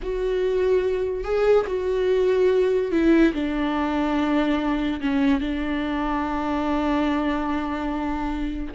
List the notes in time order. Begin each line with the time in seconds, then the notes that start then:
0.02 F#4
1.24 G#4
1.67 F#4
2.91 E4
3.33 D4
5.00 C#4
5.40 D4